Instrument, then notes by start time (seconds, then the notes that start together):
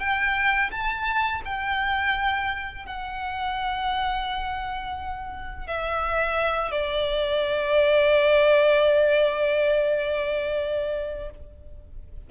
violin
0.00 G5
0.72 A5
1.45 G5
2.86 F#5
5.67 E5
6.72 D5